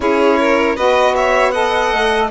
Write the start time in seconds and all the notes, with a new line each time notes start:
0.00 C#4 E4 G#4 C#5
0.39 A#4
0.75 B3 F#4 B4 D#5
1.15 C#5 E5
1.51 A4 D#5 F#5
1.92 A3